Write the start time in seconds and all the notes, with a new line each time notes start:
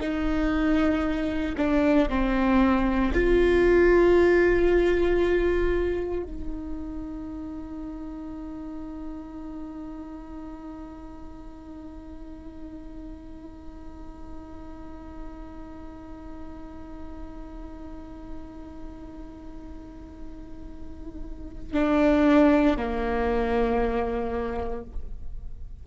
0.00 D#4
1.58 D4
2.10 C4
3.14 F4
6.24 D#4
21.74 D4
22.78 A#3